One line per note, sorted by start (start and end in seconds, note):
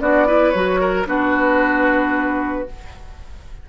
0.00 0.54 B3
0.00 0.26 D4
0.00 0.27 F#4
0.00 0.50 D5
0.26 0.53 E4
0.26 0.80 B4
0.50 1.06 F#3
0.50 1.05 F#4
0.50 1.04 C#5
0.80 1.07 A#4
1.05 2.67 B3
1.05 2.66 D4
1.05 2.69 F#4
1.05 2.68 B4